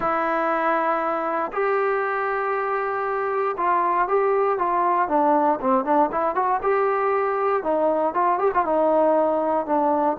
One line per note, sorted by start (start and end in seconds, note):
0.00 1.51 E4
1.52 3.55 G4
3.57 4.07 F4
4.07 4.58 G4
4.58 5.08 F4
5.08 5.59 D4
5.60 5.84 C4
5.84 6.10 D4
6.11 6.35 E4
6.35 6.60 F#4
6.62 7.63 G4
7.63 8.14 D#4
8.14 8.39 F4
8.39 8.51 G4
8.54 8.65 F4
8.65 9.66 D#4
9.66 10.17 D4